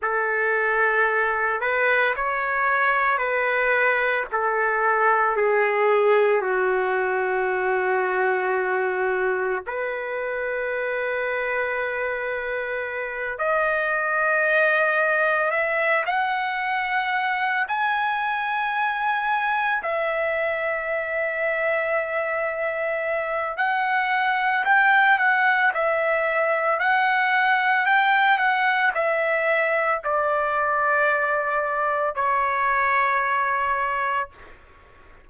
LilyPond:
\new Staff \with { instrumentName = "trumpet" } { \time 4/4 \tempo 4 = 56 a'4. b'8 cis''4 b'4 | a'4 gis'4 fis'2~ | fis'4 b'2.~ | b'8 dis''2 e''8 fis''4~ |
fis''8 gis''2 e''4.~ | e''2 fis''4 g''8 fis''8 | e''4 fis''4 g''8 fis''8 e''4 | d''2 cis''2 | }